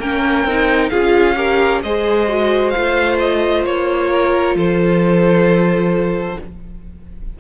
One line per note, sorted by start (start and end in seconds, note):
0.00 0.44 A#3
0.00 0.48 C#4
0.00 0.91 A#4
0.00 0.90 G5
0.44 0.90 C4
0.44 0.92 D#4
0.90 1.84 C#4
0.90 1.36 F4
0.90 1.36 G#4
0.90 1.81 F5
1.36 1.82 G4
1.36 1.83 A#4
1.83 2.75 G#3
1.83 2.29 G#4
1.83 4.10 C5
1.83 2.71 D#5
2.29 2.74 F#4
2.71 6.39 F4
2.71 3.16 F5
2.77 3.65 A3
3.20 3.65 D#5
3.65 4.55 A#3
3.65 4.57 C#5
4.10 4.56 A#4
4.55 6.37 F3
4.55 6.39 A4
4.55 6.40 C5